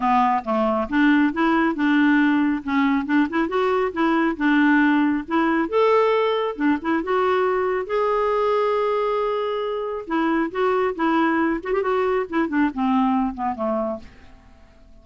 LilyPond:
\new Staff \with { instrumentName = "clarinet" } { \time 4/4 \tempo 4 = 137 b4 a4 d'4 e'4 | d'2 cis'4 d'8 e'8 | fis'4 e'4 d'2 | e'4 a'2 d'8 e'8 |
fis'2 gis'2~ | gis'2. e'4 | fis'4 e'4. fis'16 g'16 fis'4 | e'8 d'8 c'4. b8 a4 | }